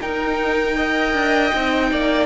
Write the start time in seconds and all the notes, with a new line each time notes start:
0.00 D#4 A#4 G5
0.76 A#4 D#5
1.13 D4
1.53 C4 D#4
1.91 A#3 D5